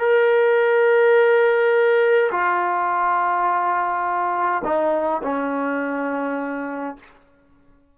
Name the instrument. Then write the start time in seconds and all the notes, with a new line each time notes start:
trombone
0.00 A#4
2.31 F4
4.65 D#4
5.23 C#4